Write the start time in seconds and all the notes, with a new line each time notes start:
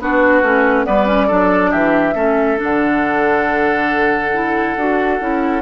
0.00 B3 D4 F#4 B4
0.42 A3 C#4
0.85 G3 B3 B4 D5
1.07 C#4
1.27 F#3 D4 A4
1.71 E3 G4 E5
2.15 A3 C#4 A4
2.58 D3 D4 F#5
4.33 E4
4.76 D4 F#4
5.20 C#4 E4